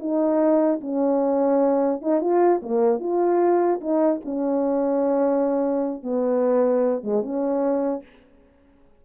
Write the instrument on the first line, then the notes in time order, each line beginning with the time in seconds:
horn
0.00 D#4
0.81 C#4
2.02 D#4
2.21 F4
2.62 A#3
3.00 F4
3.81 D#4
4.25 C#4
6.03 B3
7.04 G#3
7.23 C#4